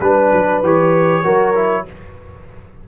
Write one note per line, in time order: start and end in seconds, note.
0.00 0.31 G3
0.00 0.63 D4
0.00 0.61 B4
0.00 1.24 B4
0.32 0.62 F#3
0.62 1.24 E3
0.62 1.23 G4
0.62 1.87 C#5
1.23 1.86 F#3
1.23 1.54 F#4
1.23 1.85 A#4
1.55 1.85 E4